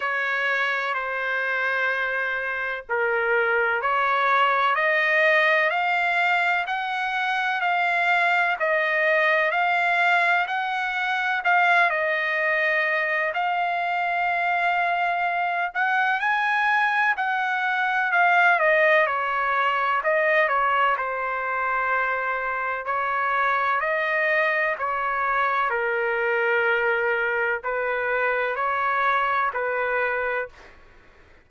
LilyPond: \new Staff \with { instrumentName = "trumpet" } { \time 4/4 \tempo 4 = 63 cis''4 c''2 ais'4 | cis''4 dis''4 f''4 fis''4 | f''4 dis''4 f''4 fis''4 | f''8 dis''4. f''2~ |
f''8 fis''8 gis''4 fis''4 f''8 dis''8 | cis''4 dis''8 cis''8 c''2 | cis''4 dis''4 cis''4 ais'4~ | ais'4 b'4 cis''4 b'4 | }